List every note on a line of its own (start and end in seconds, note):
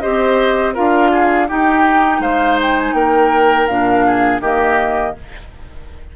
0.00 0.78 C4
0.00 0.75 G4
0.00 0.74 C5
0.00 0.73 D#5
0.74 1.50 D4
0.74 1.48 F4
0.74 1.11 A#4
0.74 1.50 F5
1.11 1.48 G#4
1.48 3.68 D#4
1.48 2.20 D#4
1.48 2.22 G4
1.48 2.22 G5
2.20 2.93 G#3
2.20 2.95 C5
2.20 2.59 F5
2.62 2.79 G5
2.79 2.94 G#5
2.94 3.67 A#3
2.94 4.06 A#4
2.94 3.67 G5
3.67 4.40 A#2
3.67 4.42 D4
3.67 4.41 F5
4.07 4.42 G#4
4.40 5.14 D#3
4.40 5.15 A#3
4.40 5.15 G4
4.40 5.17 D#5